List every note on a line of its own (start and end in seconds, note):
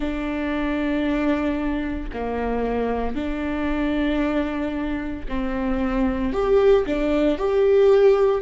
0.00 2.09 D4
2.13 3.15 A#3
3.15 5.25 D4
5.28 6.32 C4
6.32 6.85 G4
6.86 7.38 D4
7.38 8.41 G4